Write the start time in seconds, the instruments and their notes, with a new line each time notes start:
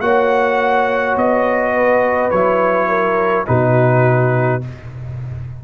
0.00 tuba A#3, trombone F#4, horn C#5, trumpet F#5
1.16 tuba B3, trumpet D#5
1.74 horn B4
2.30 tuba F#3, trombone E4, trumpet C#5
2.88 horn A#4
3.45 tuba B2, trombone D#4, horn F#4, trumpet B4